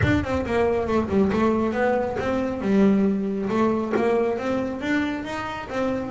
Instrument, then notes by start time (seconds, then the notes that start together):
double bass
0.02 D4
0.23 C4
0.46 A#3
0.87 A3
1.09 G3
1.32 A3
1.72 B3
2.19 C4
2.61 G3
3.49 A3
3.96 A#3
4.38 C4
4.81 D4
5.24 D#4
5.69 C4